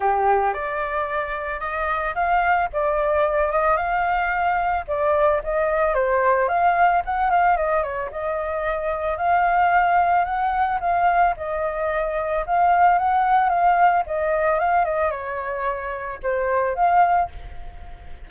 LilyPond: \new Staff \with { instrumentName = "flute" } { \time 4/4 \tempo 4 = 111 g'4 d''2 dis''4 | f''4 d''4. dis''8 f''4~ | f''4 d''4 dis''4 c''4 | f''4 fis''8 f''8 dis''8 cis''8 dis''4~ |
dis''4 f''2 fis''4 | f''4 dis''2 f''4 | fis''4 f''4 dis''4 f''8 dis''8 | cis''2 c''4 f''4 | }